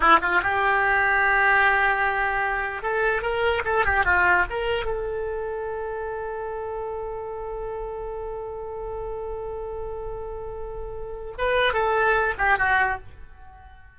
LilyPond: \new Staff \with { instrumentName = "oboe" } { \time 4/4 \tempo 4 = 148 e'8 f'8 g'2.~ | g'2. a'4 | ais'4 a'8 g'8 f'4 ais'4 | a'1~ |
a'1~ | a'1~ | a'1 | b'4 a'4. g'8 fis'4 | }